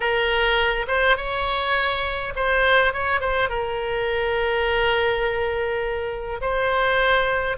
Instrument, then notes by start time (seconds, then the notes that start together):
oboe
0.00 A#4
0.87 C5
1.17 C#5
2.35 C5
2.93 C#5
3.20 C5
3.49 A#4
6.41 C5